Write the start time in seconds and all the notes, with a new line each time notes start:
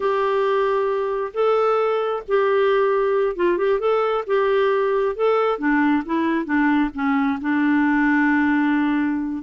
0.00 G4
1.33 A4
2.28 G4
3.35 F4
3.57 G4
3.79 A4
4.26 G4
5.15 A4
5.58 D4
6.05 E4
6.45 D4
6.94 C#4
7.41 D4